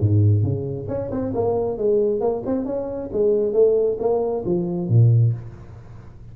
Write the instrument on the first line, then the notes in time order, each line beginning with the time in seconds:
tuba
0.00 G#2
0.43 C#3
0.88 C#4
1.11 C4
1.34 A#3
1.77 G#3
2.20 A#3
2.46 C4
2.65 C#4
3.12 G#3
3.53 A3
3.99 A#3
4.45 F3
4.88 A#2